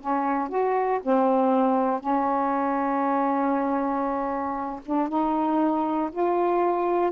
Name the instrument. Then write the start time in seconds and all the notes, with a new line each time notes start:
saxophone
0.00 C#4
0.49 F#4
1.03 C4
2.00 C#4
4.85 D4
5.08 D#4
6.11 F4